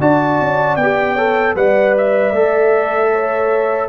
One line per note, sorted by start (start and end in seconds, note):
0.00 0.39 D4
0.00 0.78 F#4
0.00 1.13 D5
0.00 0.76 A5
0.40 0.76 C#4
0.76 1.54 B3
0.76 1.54 G5
0.82 1.17 G4
1.13 1.55 A4
1.13 1.52 C#5
1.55 2.32 G3
1.55 2.33 B4
1.55 3.11 D5
1.55 1.95 F#5
1.97 3.88 E5
2.32 3.88 A3
2.32 3.88 A4
3.12 3.88 C#5